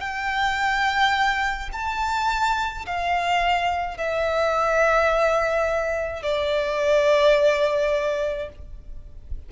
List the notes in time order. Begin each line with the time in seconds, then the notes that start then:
0.00 G5
1.73 A5
2.86 F5
3.97 E5
6.23 D5